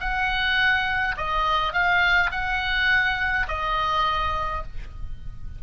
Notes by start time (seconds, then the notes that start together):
0.00 F#5
1.17 D#5
1.73 F5
2.31 F#5
3.48 D#5